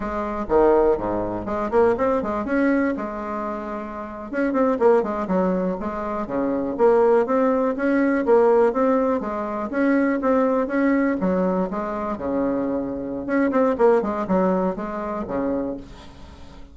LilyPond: \new Staff \with { instrumentName = "bassoon" } { \time 4/4 \tempo 4 = 122 gis4 dis4 gis,4 gis8 ais8 | c'8 gis8 cis'4 gis2~ | gis8. cis'8 c'8 ais8 gis8 fis4 gis16~ | gis8. cis4 ais4 c'4 cis'16~ |
cis'8. ais4 c'4 gis4 cis'16~ | cis'8. c'4 cis'4 fis4 gis16~ | gis8. cis2~ cis16 cis'8 c'8 | ais8 gis8 fis4 gis4 cis4 | }